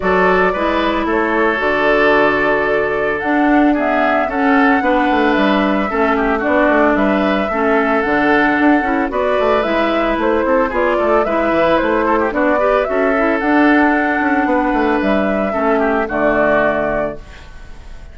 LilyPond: <<
  \new Staff \with { instrumentName = "flute" } { \time 4/4 \tempo 4 = 112 d''2 cis''4 d''4~ | d''2 fis''4 e''4 | fis''2 e''2 | d''4 e''2 fis''4~ |
fis''4 d''4 e''4 c''4 | d''4 e''4 c''4 d''4 | e''4 fis''2. | e''2 d''2 | }
  \new Staff \with { instrumentName = "oboe" } { \time 4/4 a'4 b'4 a'2~ | a'2. gis'4 | a'4 b'2 a'8 g'8 | fis'4 b'4 a'2~ |
a'4 b'2~ b'8 a'8 | gis'8 a'8 b'4. a'16 g'16 fis'8 b'8 | a'2. b'4~ | b'4 a'8 g'8 fis'2 | }
  \new Staff \with { instrumentName = "clarinet" } { \time 4/4 fis'4 e'2 fis'4~ | fis'2 d'4 b4 | cis'4 d'2 cis'4 | d'2 cis'4 d'4~ |
d'8 e'8 fis'4 e'2 | f'4 e'2 d'8 g'8 | fis'8 e'8 d'2.~ | d'4 cis'4 a2 | }
  \new Staff \with { instrumentName = "bassoon" } { \time 4/4 fis4 gis4 a4 d4~ | d2 d'2 | cis'4 b8 a8 g4 a4 | b8 a8 g4 a4 d4 |
d'8 cis'8 b8 a8 gis4 a8 c'8 | b8 a8 gis8 e8 a4 b4 | cis'4 d'4. cis'8 b8 a8 | g4 a4 d2 | }
>>